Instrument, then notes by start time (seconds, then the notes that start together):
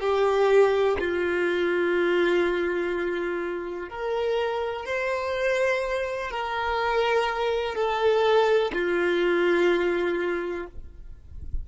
violin
0.00 G4
0.99 F4
3.89 A#4
4.86 C5
6.31 A#4
7.75 A4
8.73 F4